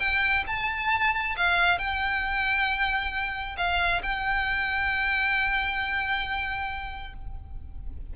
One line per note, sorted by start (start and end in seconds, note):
0.00 0.44 G5
0.47 1.36 A5
1.38 1.79 F5
1.79 3.57 G5
3.58 4.02 F5
4.03 7.14 G5